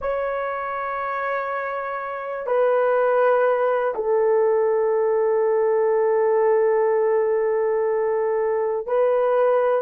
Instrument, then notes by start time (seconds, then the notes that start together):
horn
0.00 C#5
2.46 B4
3.94 A4
8.86 B4